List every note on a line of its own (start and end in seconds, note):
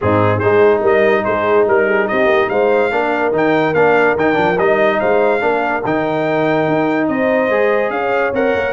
0.01 0.42 G#2
0.01 0.42 C4
0.01 0.38 D#4
0.01 0.39 G#4
0.38 2.91 D#4
0.38 0.80 G#4
0.38 0.80 C5
0.44 0.81 G#3
0.81 1.23 G3
0.81 1.23 A#4
0.81 1.24 D#5
1.24 1.67 G#3
1.24 1.67 G#4
1.24 1.66 C5
1.67 2.09 G3
1.67 1.87 A#4
1.67 2.07 A#4
1.87 2.08 G#4
2.07 2.26 C4
2.07 2.50 G4
2.07 2.49 D#5
2.26 2.46 A#3
2.49 2.91 G#3
2.49 2.91 C5
2.49 3.32 F5
2.91 3.32 A#3
2.91 3.32 D4
2.91 4.99 A#4
3.32 3.73 D#3
3.32 3.74 D#4
3.32 3.73 G5
3.73 4.15 A#3
3.73 4.17 D4
3.73 4.15 F5
4.15 4.36 D#3
4.15 4.34 D#4
4.15 4.58 G5
4.34 4.58 F3
4.34 4.55 D4
4.58 4.99 G3
4.58 5.40 D#4
4.58 4.99 D#5
4.99 5.42 G#3
4.99 5.41 C5
4.99 5.83 F5
5.40 5.83 A#3
5.40 5.81 D4
5.40 7.09 A#4
5.84 6.67 D#3
5.84 7.50 D#4
5.84 7.07 G5
6.67 7.08 D#4
7.07 7.49 C4
7.07 7.92 C5
7.07 7.90 D#5
7.49 7.90 G#3
7.49 8.33 G#4
7.90 8.31 C#4
7.90 8.72 C#5
7.90 8.32 F5
8.33 8.54 C4
8.33 8.72 A#4
8.33 8.72 F#5
8.54 8.72 A#3